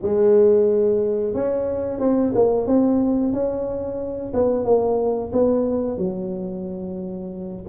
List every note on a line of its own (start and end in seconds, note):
0.02 1.34 G#3
1.34 2.00 C#4
2.00 2.33 C4
2.34 2.66 A#3
2.66 3.32 C4
3.32 4.32 C#4
4.33 4.65 B3
4.65 5.31 A#3
5.32 5.97 B3
5.97 7.64 F#3